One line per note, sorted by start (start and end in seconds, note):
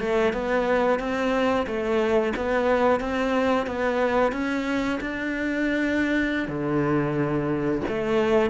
0.00 0.33 A3
0.33 0.99 B3
0.99 1.66 C4
1.66 2.33 A3
2.36 3.00 B3
3.00 3.67 C4
3.67 4.32 B3
4.32 4.99 C#4
5.01 6.48 D4
6.48 7.82 D3
7.88 8.50 A3